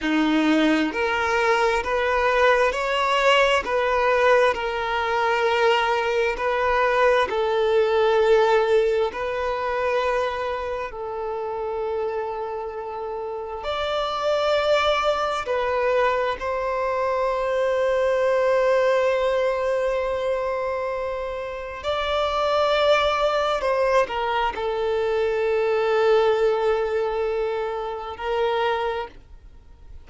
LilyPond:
\new Staff \with { instrumentName = "violin" } { \time 4/4 \tempo 4 = 66 dis'4 ais'4 b'4 cis''4 | b'4 ais'2 b'4 | a'2 b'2 | a'2. d''4~ |
d''4 b'4 c''2~ | c''1 | d''2 c''8 ais'8 a'4~ | a'2. ais'4 | }